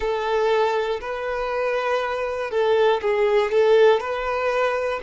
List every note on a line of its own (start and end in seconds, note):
0.00 1.00 A4
1.00 2.50 B4
2.50 3.00 A4
3.01 3.51 G#4
3.51 4.00 A4
4.00 5.00 B4